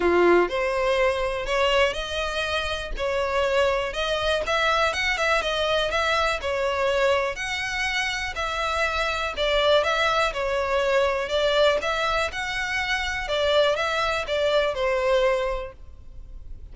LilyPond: \new Staff \with { instrumentName = "violin" } { \time 4/4 \tempo 4 = 122 f'4 c''2 cis''4 | dis''2 cis''2 | dis''4 e''4 fis''8 e''8 dis''4 | e''4 cis''2 fis''4~ |
fis''4 e''2 d''4 | e''4 cis''2 d''4 | e''4 fis''2 d''4 | e''4 d''4 c''2 | }